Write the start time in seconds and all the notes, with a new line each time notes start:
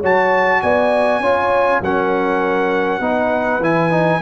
0.00 F#3 F#4 C#5 A5
0.62 B3 D5 G#5
1.20 C#4 F4 C#5
1.81 F#3 C#4 A#4 F#5
3.00 B3 D#4 B4
3.60 E3 E4 G#5
3.91 D#4